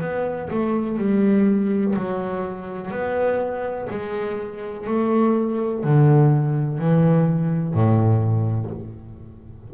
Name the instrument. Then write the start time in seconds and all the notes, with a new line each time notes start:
double bass
0.00 B3
0.50 A3
0.98 G3
1.96 F#3
2.91 B3
3.90 G#3
4.87 A3
5.83 D3
6.78 E3
7.73 A2